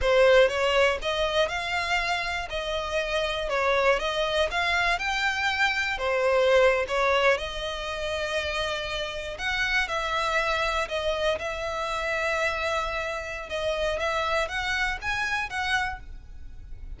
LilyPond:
\new Staff \with { instrumentName = "violin" } { \time 4/4 \tempo 4 = 120 c''4 cis''4 dis''4 f''4~ | f''4 dis''2 cis''4 | dis''4 f''4 g''2 | c''4.~ c''16 cis''4 dis''4~ dis''16~ |
dis''2~ dis''8. fis''4 e''16~ | e''4.~ e''16 dis''4 e''4~ e''16~ | e''2. dis''4 | e''4 fis''4 gis''4 fis''4 | }